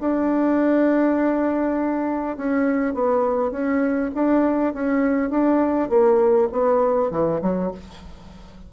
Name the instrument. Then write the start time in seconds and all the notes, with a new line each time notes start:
bassoon
0.00 D4
2.37 C#4
2.94 B3
3.51 C#4
4.14 D4
4.74 C#4
5.30 D4
5.89 A#3
6.52 B3
7.11 E3
7.42 F#3